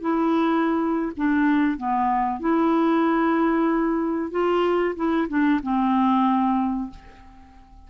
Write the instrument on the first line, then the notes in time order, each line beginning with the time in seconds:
clarinet
0.00 E4
1.16 D4
1.77 B3
2.39 E4
4.31 F4
4.96 E4
5.28 D4
5.62 C4